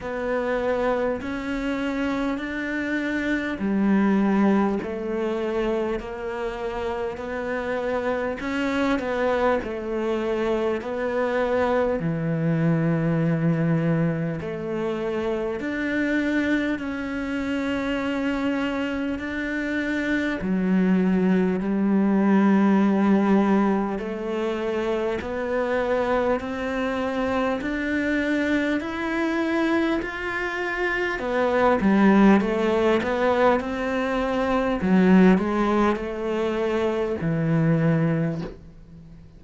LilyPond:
\new Staff \with { instrumentName = "cello" } { \time 4/4 \tempo 4 = 50 b4 cis'4 d'4 g4 | a4 ais4 b4 cis'8 b8 | a4 b4 e2 | a4 d'4 cis'2 |
d'4 fis4 g2 | a4 b4 c'4 d'4 | e'4 f'4 b8 g8 a8 b8 | c'4 fis8 gis8 a4 e4 | }